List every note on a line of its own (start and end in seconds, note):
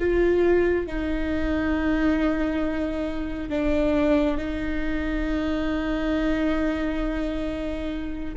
0.00 0.87 F4
0.87 3.50 D#4
3.50 4.38 D4
4.38 8.35 D#4